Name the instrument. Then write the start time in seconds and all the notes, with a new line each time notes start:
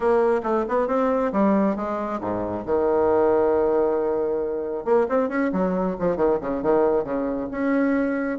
bassoon
0.00 A#3
0.43 A3
0.68 B3
0.87 C4
1.32 G3
1.75 G#3
2.20 G#2
2.65 D#3
4.84 A#3
5.09 C4
5.28 C#4
5.52 F#3
5.99 F3
6.16 D#3
6.40 C#3
6.62 D#3
7.04 C#3
7.51 C#4